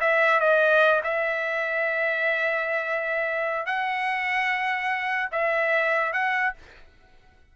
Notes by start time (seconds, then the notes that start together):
0.00 E5
0.40 D#5
1.03 E5
3.65 F#5
5.31 E5
6.13 F#5